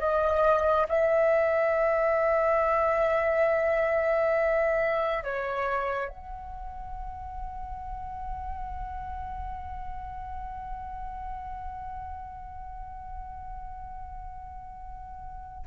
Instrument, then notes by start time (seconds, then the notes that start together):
flute
0.00 D#5
0.89 E5
5.24 C#5
6.09 F#5